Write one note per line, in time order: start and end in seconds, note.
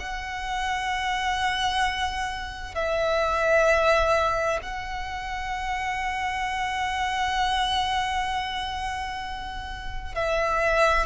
0.00 2.75 F#5
2.75 4.59 E5
4.63 10.15 F#5
10.15 11.06 E5